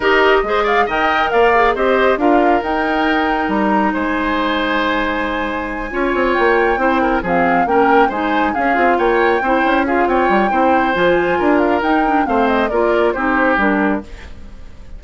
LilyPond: <<
  \new Staff \with { instrumentName = "flute" } { \time 4/4 \tempo 4 = 137 dis''4. f''8 g''4 f''4 | dis''4 f''4 g''2 | ais''4 gis''2.~ | gis''2~ gis''8 g''4.~ |
g''8 f''4 g''4 gis''4 f''8~ | f''8 g''2 f''8 g''4~ | g''4 gis''4. f''8 g''4 | f''8 dis''8 d''4 c''4 ais'4 | }
  \new Staff \with { instrumentName = "oboe" } { \time 4/4 ais'4 c''8 d''8 dis''4 d''4 | c''4 ais'2.~ | ais'4 c''2.~ | c''4. cis''2 c''8 |
ais'8 gis'4 ais'4 c''4 gis'8~ | gis'8 cis''4 c''4 gis'8 cis''4 | c''2 ais'2 | c''4 ais'4 g'2 | }
  \new Staff \with { instrumentName = "clarinet" } { \time 4/4 g'4 gis'4 ais'4. gis'8 | g'4 f'4 dis'2~ | dis'1~ | dis'4. f'2 e'8~ |
e'8 c'4 cis'4 dis'4 cis'8 | f'4. e'4 f'4. | e'4 f'2 dis'8 d'8 | c'4 f'4 dis'4 d'4 | }
  \new Staff \with { instrumentName = "bassoon" } { \time 4/4 dis'4 gis4 dis4 ais4 | c'4 d'4 dis'2 | g4 gis2.~ | gis4. cis'8 c'8 ais4 c'8~ |
c'8 f4 ais4 gis4 cis'8 | c'8 ais4 c'8 cis'4 c'8 g8 | c'4 f4 d'4 dis'4 | a4 ais4 c'4 g4 | }
>>